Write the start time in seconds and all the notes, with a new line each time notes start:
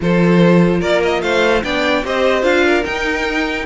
0.00 F3 F4 A4 C5
0.79 A#3 A#4 D5
1.03 D#5
1.22 A3 C5 F5
1.63 B3 D4 D5 G5
2.03 C4 G4 C5 D#5
2.42 D4 F4 F5
2.64 A#4
2.85 D#4 G5